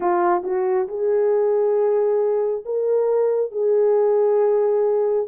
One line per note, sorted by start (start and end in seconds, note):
0.00 0.43 F4
0.43 0.87 F#4
0.88 2.64 G#4
2.65 3.51 A#4
3.51 5.27 G#4